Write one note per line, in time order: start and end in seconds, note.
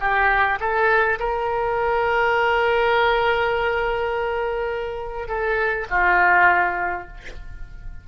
0.00 0.59 G4
0.60 1.19 A4
1.20 5.28 A#4
5.28 5.87 A4
5.90 7.08 F4